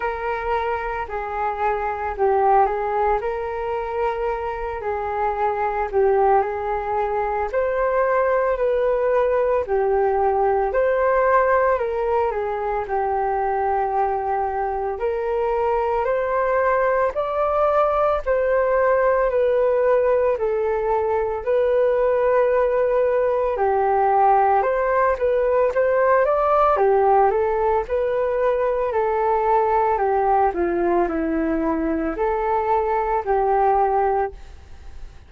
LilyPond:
\new Staff \with { instrumentName = "flute" } { \time 4/4 \tempo 4 = 56 ais'4 gis'4 g'8 gis'8 ais'4~ | ais'8 gis'4 g'8 gis'4 c''4 | b'4 g'4 c''4 ais'8 gis'8 | g'2 ais'4 c''4 |
d''4 c''4 b'4 a'4 | b'2 g'4 c''8 b'8 | c''8 d''8 g'8 a'8 b'4 a'4 | g'8 f'8 e'4 a'4 g'4 | }